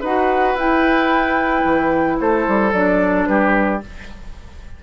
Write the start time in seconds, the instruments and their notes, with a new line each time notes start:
0.00 bassoon D#4, clarinet F#4, oboe B4, flute F#5
0.54 bassoon E4, clarinet E4, flute G5
1.64 bassoon E3
2.20 bassoon A3, oboe A4, flute C5
2.47 bassoon G3
2.72 bassoon F#3, clarinet D4, flute D5
3.26 bassoon G3, oboe G4, flute B4